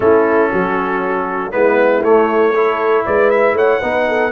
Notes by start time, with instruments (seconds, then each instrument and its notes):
0.00 tuba A3, trombone C#4, horn E4, trumpet A4
0.50 tuba F#3, horn F#4
1.51 tuba G#3, trombone B3, horn E4, trumpet B4
2.02 tuba A3, trombone A3, trumpet C#5
2.54 trombone E4, horn A4
3.05 tuba G#3, horn B4, trumpet D5
3.30 trumpet E5
3.53 tuba A3, horn C#5, trumpet F#5
3.80 tuba B3, trombone D#4, horn B4
4.08 horn A4